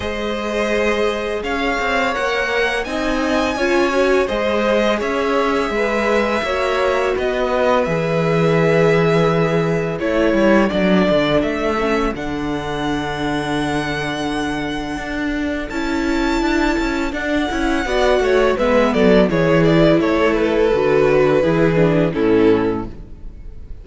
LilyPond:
<<
  \new Staff \with { instrumentName = "violin" } { \time 4/4 \tempo 4 = 84 dis''2 f''4 fis''4 | gis''2 dis''4 e''4~ | e''2 dis''4 e''4~ | e''2 cis''4 d''4 |
e''4 fis''2.~ | fis''2 a''2 | fis''2 e''8 d''8 cis''8 d''8 | cis''8 b'2~ b'8 a'4 | }
  \new Staff \with { instrumentName = "violin" } { \time 4/4 c''2 cis''2 | dis''4 cis''4 c''4 cis''4 | b'4 cis''4 b'2~ | b'2 a'2~ |
a'1~ | a'1~ | a'4 d''8 cis''8 b'8 a'8 gis'4 | a'2 gis'4 e'4 | }
  \new Staff \with { instrumentName = "viola" } { \time 4/4 gis'2. ais'4 | dis'4 f'8 fis'8 gis'2~ | gis'4 fis'2 gis'4~ | gis'2 e'4 d'4~ |
d'8 cis'8 d'2.~ | d'2 e'2 | d'8 e'8 fis'4 b4 e'4~ | e'4 fis'4 e'8 d'8 cis'4 | }
  \new Staff \with { instrumentName = "cello" } { \time 4/4 gis2 cis'8 c'8 ais4 | c'4 cis'4 gis4 cis'4 | gis4 ais4 b4 e4~ | e2 a8 g8 fis8 d8 |
a4 d2.~ | d4 d'4 cis'4 d'8 cis'8 | d'8 cis'8 b8 a8 gis8 fis8 e4 | a4 d4 e4 a,4 | }
>>